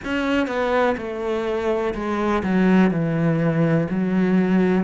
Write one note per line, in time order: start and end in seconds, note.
0.04 0.47 C#4
0.47 0.95 B3
0.97 1.94 A3
1.94 2.42 G#3
2.43 2.90 F#3
2.90 3.87 E3
3.89 4.84 F#3